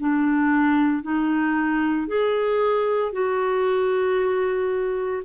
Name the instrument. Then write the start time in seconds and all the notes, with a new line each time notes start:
clarinet
0.00 D4
1.03 D#4
2.08 G#4
3.13 F#4